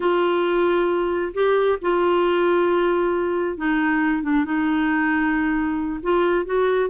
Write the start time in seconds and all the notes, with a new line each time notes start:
0.00 F4
1.34 G4
1.81 F4
3.57 D#4
4.22 D4
4.44 D#4
6.02 F4
6.45 F#4